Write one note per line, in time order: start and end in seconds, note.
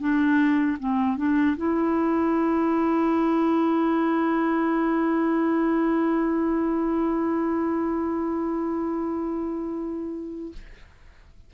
0.00 0.78 D4
0.80 1.18 C4
1.18 1.57 D4
1.57 10.53 E4